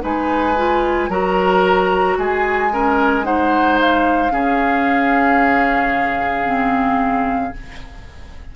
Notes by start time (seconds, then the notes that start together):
0.00 G#3 D#4 B4 G#5
0.56 F4
1.09 F#3 F#4 A#4 A#5
2.18 G#3 G#4 G#5
2.71 C#4 A#4
3.23 D#4 C5 F#5
3.81 F5
4.31 C#3 C#4 G#4
6.46 C4